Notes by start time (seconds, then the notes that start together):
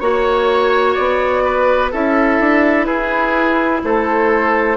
0.00 A#3 F#4 C#5
0.94 B3 D5
1.44 B4
1.91 C#4 E4 A4 E5
2.40 D4
2.85 E4 G#4 B4
3.83 A3 A4 C5